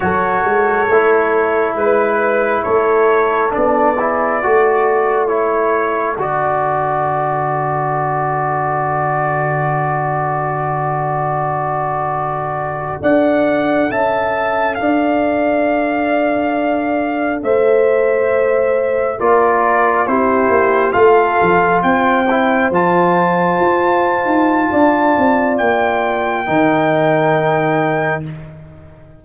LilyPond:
<<
  \new Staff \with { instrumentName = "trumpet" } { \time 4/4 \tempo 4 = 68 cis''2 b'4 cis''4 | d''2 cis''4 d''4~ | d''1~ | d''2~ d''8. fis''4 a''16~ |
a''8. f''2. e''16~ | e''4.~ e''16 d''4 c''4 f''16~ | f''8. g''4 a''2~ a''16~ | a''4 g''2. | }
  \new Staff \with { instrumentName = "horn" } { \time 4/4 a'2 b'4 a'4~ | a'8 gis'8 a'2.~ | a'1~ | a'2~ a'8. d''4 e''16~ |
e''8. d''2. c''16~ | c''4.~ c''16 ais'4 g'4 a'16~ | a'8. c''2.~ c''16 | d''2 ais'2 | }
  \new Staff \with { instrumentName = "trombone" } { \time 4/4 fis'4 e'2. | d'8 e'8 fis'4 e'4 fis'4~ | fis'1~ | fis'2~ fis'8. a'4~ a'16~ |
a'1~ | a'4.~ a'16 f'4 e'4 f'16~ | f'4~ f'16 e'8 f'2~ f'16~ | f'2 dis'2 | }
  \new Staff \with { instrumentName = "tuba" } { \time 4/4 fis8 gis8 a4 gis4 a4 | b4 a2 d4~ | d1~ | d2~ d8. d'4 cis'16~ |
cis'8. d'2. a16~ | a4.~ a16 ais4 c'8 ais8 a16~ | a16 f8 c'4 f4 f'8. dis'8 | d'8 c'8 ais4 dis2 | }
>>